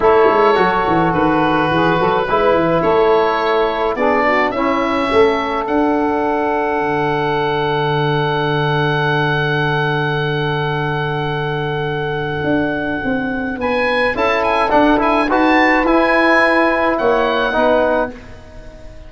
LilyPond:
<<
  \new Staff \with { instrumentName = "oboe" } { \time 4/4 \tempo 4 = 106 cis''2 b'2~ | b'4 cis''2 d''4 | e''2 fis''2~ | fis''1~ |
fis''1~ | fis''1 | gis''4 a''8 gis''8 fis''8 gis''8 a''4 | gis''2 fis''2 | }
  \new Staff \with { instrumentName = "saxophone" } { \time 4/4 a'2. gis'8 a'8 | b'4 a'2 gis'8 fis'8 | e'4 a'2.~ | a'1~ |
a'1~ | a'1 | b'4 a'2 b'4~ | b'2 cis''4 b'4 | }
  \new Staff \with { instrumentName = "trombone" } { \time 4/4 e'4 fis'2. | e'2. d'4 | cis'2 d'2~ | d'1~ |
d'1~ | d'1~ | d'4 e'4 d'8 e'8 fis'4 | e'2. dis'4 | }
  \new Staff \with { instrumentName = "tuba" } { \time 4/4 a8 gis8 fis8 e8 dis4 e8 fis8 | gis8 e8 a2 b4 | cis'4 a4 d'2 | d1~ |
d1~ | d2 d'4 c'4 | b4 cis'4 d'4 dis'4 | e'2 ais4 b4 | }
>>